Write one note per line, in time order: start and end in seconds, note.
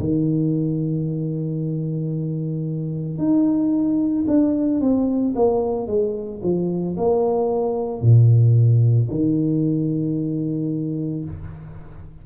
0.00 3.19 D#3
3.19 4.26 D#4
4.28 4.81 D4
4.81 5.35 C4
5.36 5.87 A#3
5.87 6.41 G#3
6.43 6.96 F3
6.97 8.02 A#3
8.02 9.09 A#2
9.11 11.25 D#3